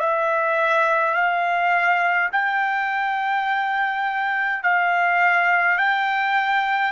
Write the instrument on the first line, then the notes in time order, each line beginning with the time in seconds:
trumpet
0.00 E5
1.14 F5
2.32 G5
4.63 F5
5.77 G5